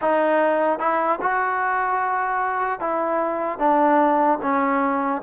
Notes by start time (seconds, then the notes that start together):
0.01 D#4
0.79 E4
1.21 F#4
2.79 E4
3.58 D4
4.41 C#4